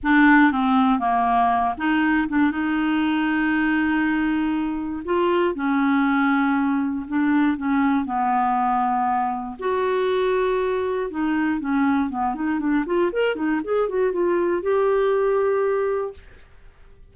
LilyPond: \new Staff \with { instrumentName = "clarinet" } { \time 4/4 \tempo 4 = 119 d'4 c'4 ais4. dis'8~ | dis'8 d'8 dis'2.~ | dis'2 f'4 cis'4~ | cis'2 d'4 cis'4 |
b2. fis'4~ | fis'2 dis'4 cis'4 | b8 dis'8 d'8 f'8 ais'8 dis'8 gis'8 fis'8 | f'4 g'2. | }